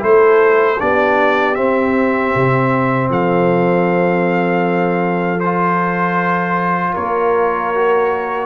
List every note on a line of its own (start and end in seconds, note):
0.00 0.81 A3
0.00 0.77 E4
0.00 0.79 A4
0.00 0.80 C5
0.79 1.58 B3
0.79 1.55 D4
0.79 3.09 G4
0.79 1.55 D5
1.55 5.40 C4
1.55 2.34 C4
1.55 3.09 E5
2.36 3.10 C3
3.09 6.95 F3
3.09 6.93 A4
3.09 5.40 F5
5.40 7.75 F4
5.40 6.94 C5
6.93 8.46 A#3
6.93 8.46 A#4
6.93 8.46 C#5
7.75 8.46 F#4